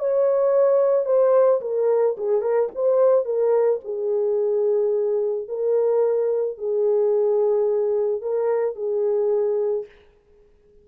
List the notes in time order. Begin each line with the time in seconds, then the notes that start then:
0.00 C#5
1.06 C5
1.62 A#4
2.18 G#4
2.42 A#4
2.75 C5
3.25 A#4
3.85 G#4
5.49 A#4
6.58 G#4
8.22 A#4
8.76 G#4